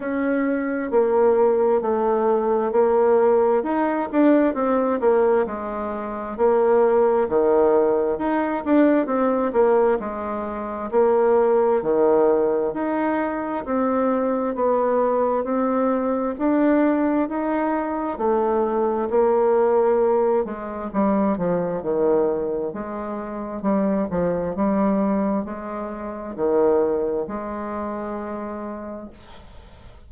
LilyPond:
\new Staff \with { instrumentName = "bassoon" } { \time 4/4 \tempo 4 = 66 cis'4 ais4 a4 ais4 | dis'8 d'8 c'8 ais8 gis4 ais4 | dis4 dis'8 d'8 c'8 ais8 gis4 | ais4 dis4 dis'4 c'4 |
b4 c'4 d'4 dis'4 | a4 ais4. gis8 g8 f8 | dis4 gis4 g8 f8 g4 | gis4 dis4 gis2 | }